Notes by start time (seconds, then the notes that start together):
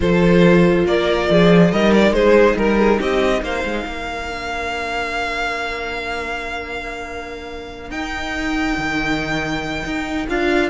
0.00 F3 F4 A4 C5
0.85 A#3 A#4 D5
1.30 F3 G#4
1.71 G3 D#4 A#4 D#5
1.93 D5
2.10 G#3 G#4 C5
2.56 G3 A#4
2.79 G#4
2.98 C4 G4 D#5
3.42 A#3 C5 F5
3.64 G#3
3.86 A#3 A#4
4.28 D4
7.90 D#4 G5
8.77 D#3
9.85 D#4
10.27 D4 F4 F5